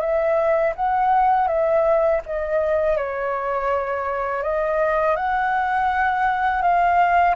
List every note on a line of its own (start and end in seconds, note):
0.00 0.73 E5
0.75 1.47 F#5
1.47 2.21 E5
2.26 2.96 D#5
2.96 4.42 C#5
4.42 5.16 D#5
5.16 6.62 F#5
6.62 7.35 F5